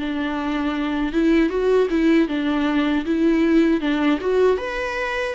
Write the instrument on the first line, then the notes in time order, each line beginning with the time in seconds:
viola
0.00 D4
1.13 E4
1.50 F#4
1.91 E4
2.29 D4
3.06 E4
3.81 D4
4.21 F#4
4.58 B4